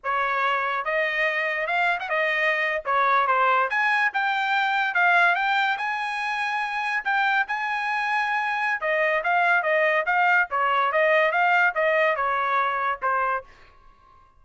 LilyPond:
\new Staff \with { instrumentName = "trumpet" } { \time 4/4 \tempo 4 = 143 cis''2 dis''2 | f''8. fis''16 dis''4.~ dis''16 cis''4 c''16~ | c''8. gis''4 g''2 f''16~ | f''8. g''4 gis''2~ gis''16~ |
gis''8. g''4 gis''2~ gis''16~ | gis''4 dis''4 f''4 dis''4 | f''4 cis''4 dis''4 f''4 | dis''4 cis''2 c''4 | }